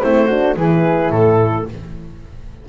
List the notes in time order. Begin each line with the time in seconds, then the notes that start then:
0.00 A3 C4 E4 C5
0.26 D4 F#4
0.56 E3 E4 G#4 B4
1.10 A2 A4